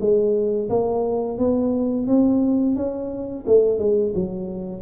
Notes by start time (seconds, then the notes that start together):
0.00 G#3
0.69 A#3
1.38 B3
2.07 C4
2.76 C#4
3.46 A3
3.78 G#3
4.14 F#3